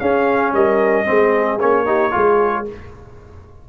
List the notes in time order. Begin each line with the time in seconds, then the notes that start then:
0.00 C#4 G#4 F5
0.53 G3 A#4 D#5
1.06 G#3 C4 G#4
1.60 A#3 C#4 C#5
1.86 D#4 G4
2.12 G#3 F4 G#4